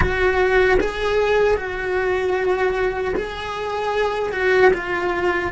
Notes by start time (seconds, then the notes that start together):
0.00 F#4
0.80 G#4
1.56 F#4
3.15 G#4
4.32 F#4
4.73 F4